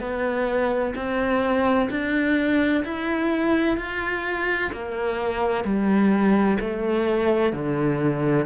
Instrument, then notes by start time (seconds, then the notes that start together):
cello
0.00 B3
0.95 C4
1.90 D4
2.84 E4
3.77 F4
4.72 A#3
5.64 G3
6.60 A3
7.52 D3